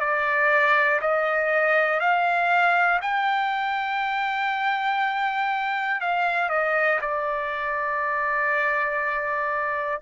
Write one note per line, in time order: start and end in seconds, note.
0.00 1.00 D5
1.01 2.00 D#5
2.00 3.00 F5
3.01 6.01 G5
6.01 6.49 F5
6.49 6.99 D#5
7.01 10.01 D5